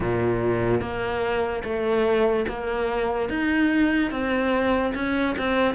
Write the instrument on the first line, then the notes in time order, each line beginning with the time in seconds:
cello
0.00 A#2
0.80 A#3
1.64 A3
2.47 A#3
3.29 D#4
4.11 C4
4.94 C#4
5.38 C4